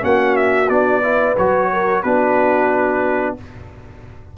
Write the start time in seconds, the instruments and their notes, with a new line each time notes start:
0.00 tuba A#3, trombone C#4, horn F#4, trumpet F#5
0.37 trumpet E5
0.69 tuba B3, trombone D4, trumpet D5
1.03 trombone E4, horn B4
1.38 tuba F#3, trombone F#4, trumpet C#5
1.73 horn A#4
2.03 tuba B3, trombone D4, horn F#4, trumpet B4